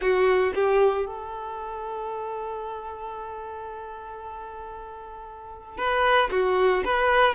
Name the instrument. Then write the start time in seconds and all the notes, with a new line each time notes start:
violin
0.01 F#4
0.54 G4
1.06 A4
5.77 B4
6.30 F#4
6.84 B4